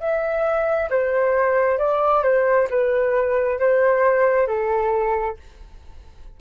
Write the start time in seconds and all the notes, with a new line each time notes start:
0.00 E5
0.90 C5
1.79 D5
2.23 C5
2.70 B4
3.59 C5
4.47 A4